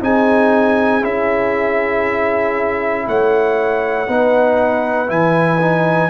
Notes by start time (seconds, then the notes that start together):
0.00 C4 D#4 G#4 G#5
1.01 C#4 E4 E5
3.07 A3 C#5 F#5
4.07 B3 D#4 B4
5.07 E3 E4 G#5
5.61 D#4